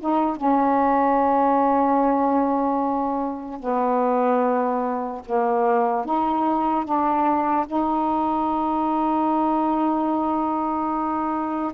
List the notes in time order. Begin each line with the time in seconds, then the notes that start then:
0.00 D#4
0.36 C#4
3.60 B3
5.26 A#3
6.05 D#4
6.85 D4
7.67 D#4